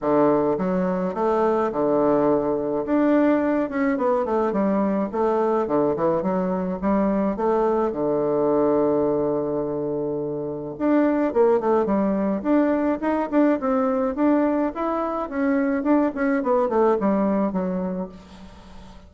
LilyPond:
\new Staff \with { instrumentName = "bassoon" } { \time 4/4 \tempo 4 = 106 d4 fis4 a4 d4~ | d4 d'4. cis'8 b8 a8 | g4 a4 d8 e8 fis4 | g4 a4 d2~ |
d2. d'4 | ais8 a8 g4 d'4 dis'8 d'8 | c'4 d'4 e'4 cis'4 | d'8 cis'8 b8 a8 g4 fis4 | }